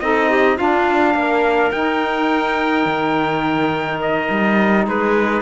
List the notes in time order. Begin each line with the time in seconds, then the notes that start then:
0.00 C4 D#4 A4 D#5
0.30 G4
0.56 D4 F4 F5
1.14 A#3 A#4
1.72 D#4 G5
2.86 D#3
4.01 D#5
4.30 G3
4.86 G#3 G#4 B4